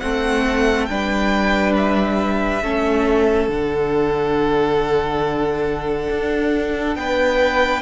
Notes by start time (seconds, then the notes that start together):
0.00 A3 C4 A4 F#5
0.86 G3 D4 B4 G5
1.77 E5
2.63 A3 C#4 A4
3.48 D3 D4 F#5
6.10 D4
6.96 B3 B4 G5